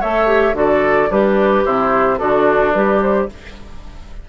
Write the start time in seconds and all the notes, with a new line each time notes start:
0.00 A3 A4 C#5 E5
0.26 G4
0.53 D3 F#4 A4 D5
1.09 G3 D4 G4 B4
1.65 C3 E4 C5
2.17 D3 D4 F#4 A4
2.72 G3 G4 B4
3.01 C5